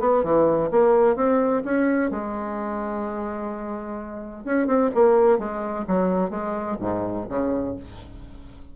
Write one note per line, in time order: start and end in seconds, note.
0.00 0.23 B3
0.23 0.70 E3
0.71 1.16 A#3
1.16 1.63 C4
1.65 2.11 C#4
2.11 4.44 G#3
4.44 4.67 C#4
4.67 4.90 C4
4.95 5.39 A#3
5.39 5.86 G#3
5.87 6.30 F#3
6.30 6.77 G#3
6.81 7.27 G#2
7.29 7.76 C#3